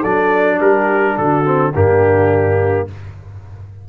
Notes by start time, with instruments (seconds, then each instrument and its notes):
0.00 tuba F#3, trombone D4, horn A4, trumpet D5
0.58 tuba G3, horn G4, trumpet A#4
1.17 tuba D3, horn F#4, trumpet A4
1.44 trombone C4
1.72 tuba G2, trombone A#3, horn D4, trumpet G4